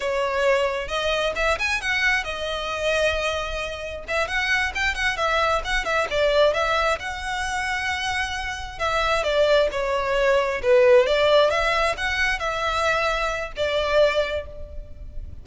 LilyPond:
\new Staff \with { instrumentName = "violin" } { \time 4/4 \tempo 4 = 133 cis''2 dis''4 e''8 gis''8 | fis''4 dis''2.~ | dis''4 e''8 fis''4 g''8 fis''8 e''8~ | e''8 fis''8 e''8 d''4 e''4 fis''8~ |
fis''2.~ fis''8 e''8~ | e''8 d''4 cis''2 b'8~ | b'8 d''4 e''4 fis''4 e''8~ | e''2 d''2 | }